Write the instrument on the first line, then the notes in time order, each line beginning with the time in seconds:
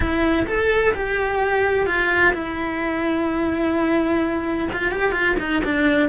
cello
0.00 E4
0.46 A4
0.94 G4
1.86 F4
2.33 E4
4.72 F4
4.91 G4
5.12 F4
5.39 D#4
5.64 D4